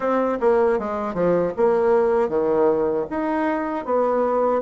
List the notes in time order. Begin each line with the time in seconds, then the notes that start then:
0.00 C4
0.40 A#3
0.78 G#3
1.14 F3
1.57 A#3
2.28 D#3
3.09 D#4
3.85 B3